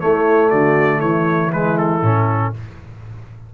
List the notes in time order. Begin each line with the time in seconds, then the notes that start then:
0.00 A3 E4 C#5
0.50 D3 F#4 D5
0.98 E3 E4 C#5
1.52 G#3 B4
1.78 A4
2.02 A2 C#4